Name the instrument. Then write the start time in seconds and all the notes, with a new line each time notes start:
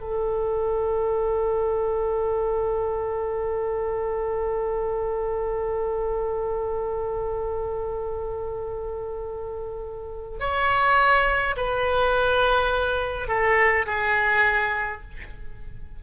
oboe
0.00 A4
10.40 C#5
11.56 B4
13.28 A4
13.86 G#4